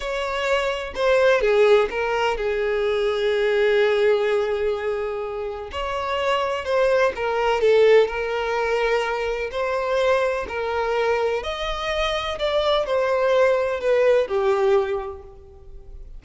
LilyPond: \new Staff \with { instrumentName = "violin" } { \time 4/4 \tempo 4 = 126 cis''2 c''4 gis'4 | ais'4 gis'2.~ | gis'1 | cis''2 c''4 ais'4 |
a'4 ais'2. | c''2 ais'2 | dis''2 d''4 c''4~ | c''4 b'4 g'2 | }